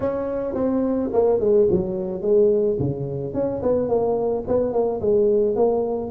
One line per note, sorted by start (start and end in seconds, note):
0.00 0.54 C#4
0.54 1.10 C4
1.12 1.40 A#3
1.40 1.67 G#3
1.70 2.21 F#3
2.21 2.77 G#3
2.79 3.33 C#3
3.33 3.61 C#4
3.62 3.88 B3
3.88 4.44 A#3
4.47 4.72 B3
4.72 5.00 A#3
5.01 5.55 G#3
5.55 6.11 A#3